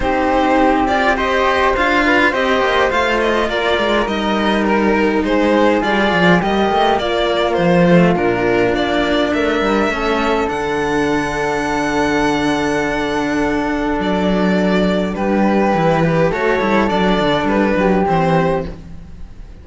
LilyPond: <<
  \new Staff \with { instrumentName = "violin" } { \time 4/4 \tempo 4 = 103 c''4. d''8 dis''4 f''4 | dis''4 f''8 dis''8 d''4 dis''4 | ais'4 c''4 d''4 dis''4 | d''4 c''4 ais'4 d''4 |
e''2 fis''2~ | fis''1 | d''2 b'2 | cis''4 d''4 b'4 c''4 | }
  \new Staff \with { instrumentName = "flute" } { \time 4/4 g'2 c''4. b'8 | c''2 ais'2~ | ais'4 gis'2 g'4 | f'1 |
ais'4 a'2.~ | a'1~ | a'2 g'4. b'8 | a'2~ a'8 g'4. | }
  \new Staff \with { instrumentName = "cello" } { \time 4/4 dis'4. f'8 g'4 f'4 | g'4 f'2 dis'4~ | dis'2 f'4 ais4~ | ais4. a8 d'2~ |
d'4 cis'4 d'2~ | d'1~ | d'2. e'8 g'8 | fis'8 e'8 d'2 c'4 | }
  \new Staff \with { instrumentName = "cello" } { \time 4/4 c'2. d'4 | c'8 ais8 a4 ais8 gis8 g4~ | g4 gis4 g8 f8 g8 a8 | ais4 f4 ais,4 ais4 |
a8 g8 a4 d2~ | d1 | fis2 g4 e4 | a8 g8 fis8 d8 g8 fis8 e4 | }
>>